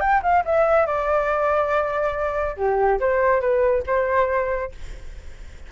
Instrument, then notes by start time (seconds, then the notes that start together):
flute
0.00 G5
0.22 F5
0.45 E5
0.86 D5
2.57 G4
3.00 C5
3.41 B4
3.87 C5